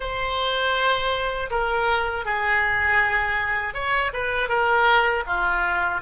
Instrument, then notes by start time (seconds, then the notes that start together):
oboe
0.00 C5
1.50 A#4
2.25 G#4
3.74 C#5
4.13 B4
4.48 A#4
5.26 F4